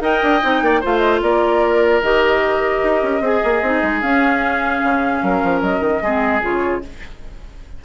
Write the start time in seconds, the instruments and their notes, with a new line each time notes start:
0.00 bassoon D#4, clarinet A#4, oboe D#5, flute G5
0.23 bassoon D4
0.42 bassoon C4, clarinet D#4
0.61 bassoon A#3, oboe D5
0.80 bassoon A3, clarinet F4, oboe C5, flute F5
0.98 flute D#5
1.22 bassoon A#3, oboe A#4, flute D5
2.01 bassoon D#3, clarinet G4, flute D#5
2.83 bassoon D#4
3.02 bassoon C#4
3.20 bassoon C4, clarinet G#4, oboe G#4
3.44 bassoon A#3
3.62 bassoon C4, clarinet D#4
3.82 bassoon G#3
4.01 clarinet C#4, bassoon C#4, flute F5
4.83 bassoon C#3
5.22 bassoon F#3, oboe A#4
5.43 bassoon F3
5.61 bassoon F#3, flute D#5
5.80 bassoon D#3
6.02 bassoon G#3, clarinet C4, oboe G#4
6.41 bassoon C#3, clarinet F4, flute C#5